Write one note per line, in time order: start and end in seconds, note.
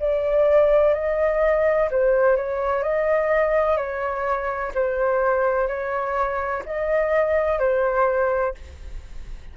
0.00 0.94 D5
0.94 1.90 D#5
1.91 2.37 C5
2.37 2.83 C#5
2.83 3.77 D#5
3.77 4.72 C#5
4.75 5.68 C5
5.68 6.63 C#5
6.66 7.59 D#5
7.59 8.55 C5